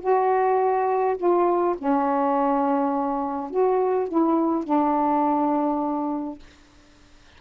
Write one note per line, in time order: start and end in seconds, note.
0.00 1.17 F#4
1.17 1.75 F4
1.78 3.50 C#4
3.50 4.08 F#4
4.08 4.64 E4
4.64 6.38 D4